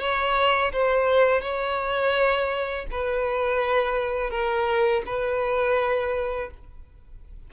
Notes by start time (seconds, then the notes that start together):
0.00 C#5
0.73 C5
1.42 C#5
2.91 B4
4.30 A#4
5.06 B4